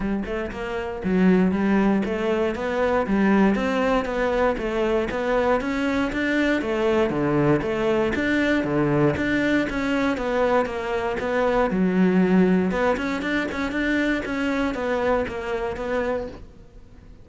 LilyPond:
\new Staff \with { instrumentName = "cello" } { \time 4/4 \tempo 4 = 118 g8 a8 ais4 fis4 g4 | a4 b4 g4 c'4 | b4 a4 b4 cis'4 | d'4 a4 d4 a4 |
d'4 d4 d'4 cis'4 | b4 ais4 b4 fis4~ | fis4 b8 cis'8 d'8 cis'8 d'4 | cis'4 b4 ais4 b4 | }